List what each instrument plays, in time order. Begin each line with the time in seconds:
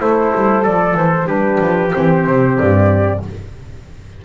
0.00 double bass A3, trumpet E4, saxophone A4, flute C5
0.36 double bass G3
0.63 double bass F3, trumpet A4, flute D5
0.95 double bass E3, flute C5
1.25 double bass G3, saxophone D4, trumpet G4, flute B4
1.61 double bass F3
1.94 double bass E3, saxophone C4, flute C5
2.28 double bass C3
2.58 double bass G2, flute D5